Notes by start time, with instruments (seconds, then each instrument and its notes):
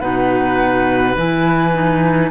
0.00 cello B2, clarinet D#4, oboe B4, flute F#5
1.16 cello E3, clarinet E4, flute G#5
1.74 clarinet D#4